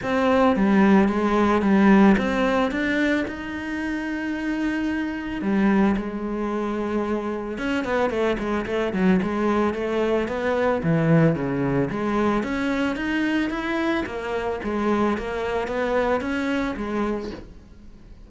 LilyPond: \new Staff \with { instrumentName = "cello" } { \time 4/4 \tempo 4 = 111 c'4 g4 gis4 g4 | c'4 d'4 dis'2~ | dis'2 g4 gis4~ | gis2 cis'8 b8 a8 gis8 |
a8 fis8 gis4 a4 b4 | e4 cis4 gis4 cis'4 | dis'4 e'4 ais4 gis4 | ais4 b4 cis'4 gis4 | }